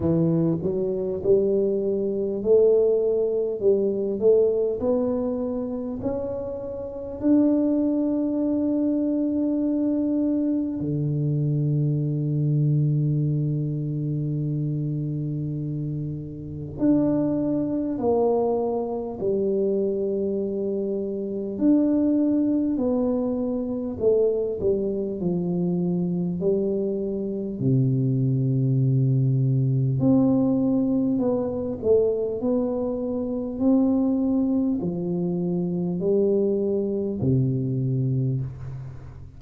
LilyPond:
\new Staff \with { instrumentName = "tuba" } { \time 4/4 \tempo 4 = 50 e8 fis8 g4 a4 g8 a8 | b4 cis'4 d'2~ | d'4 d2.~ | d2 d'4 ais4 |
g2 d'4 b4 | a8 g8 f4 g4 c4~ | c4 c'4 b8 a8 b4 | c'4 f4 g4 c4 | }